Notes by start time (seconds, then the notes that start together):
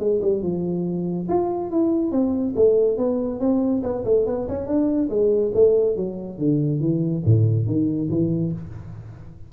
0.00 G#3
0.22 G3
0.43 F3
1.29 F4
1.71 E4
2.12 C4
2.56 A3
2.98 B3
3.40 C4
3.84 B3
4.05 A3
4.27 B3
4.49 C#4
4.67 D4
5.10 G#3
5.55 A3
5.97 F#3
6.39 D3
6.81 E3
7.26 A2
7.67 D#3
8.10 E3